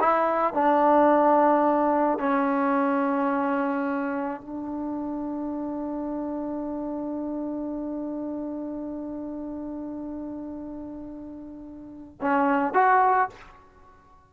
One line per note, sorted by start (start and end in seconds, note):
0.00 0.53 E4
0.53 2.19 D4
2.19 4.41 C#4
4.41 12.18 D4
12.21 12.73 C#4
12.73 13.29 F#4